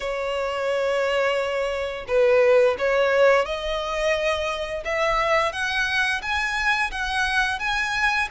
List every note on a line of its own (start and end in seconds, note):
0.00 2.05 C#5
2.07 2.76 B4
2.78 3.45 C#5
3.45 4.83 D#5
4.84 5.52 E5
5.52 6.21 F#5
6.21 6.90 G#5
6.91 7.59 F#5
7.59 8.28 G#5